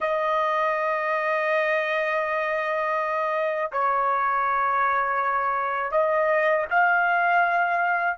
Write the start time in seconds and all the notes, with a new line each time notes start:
0.00 D#5
3.71 C#5
5.91 D#5
6.70 F5